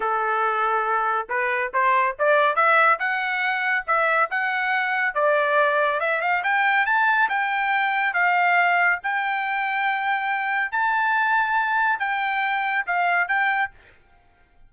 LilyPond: \new Staff \with { instrumentName = "trumpet" } { \time 4/4 \tempo 4 = 140 a'2. b'4 | c''4 d''4 e''4 fis''4~ | fis''4 e''4 fis''2 | d''2 e''8 f''8 g''4 |
a''4 g''2 f''4~ | f''4 g''2.~ | g''4 a''2. | g''2 f''4 g''4 | }